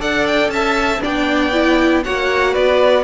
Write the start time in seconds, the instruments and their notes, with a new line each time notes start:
0.00 cello D4, viola A4, violin D5 F#5
0.27 violin G5
0.49 cello C#4, violin E5 A5
1.01 cello B3, viola D4, violin D5 G5
1.53 viola E4
2.04 cello A#3, viola F#4, violin C#5 F#5
2.52 cello B3, violin B4 D5